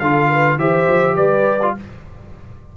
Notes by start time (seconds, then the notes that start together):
0.00 D3 F4 A4 F5
0.29 B4
0.57 E3 G4 C5 E5
0.88 F3
1.16 G3 B4 D5
1.62 F4